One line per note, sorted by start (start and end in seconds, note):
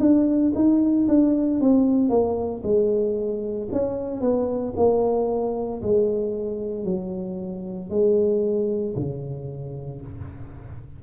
0.00 0.53 D4
0.55 1.08 D#4
1.08 1.60 D4
1.60 2.09 C4
2.09 2.62 A#3
2.63 3.68 G#3
3.72 4.21 C#4
4.21 4.74 B3
4.77 5.82 A#3
5.82 6.85 G#3
6.85 7.89 F#3
7.89 8.95 G#3
8.96 10.01 C#3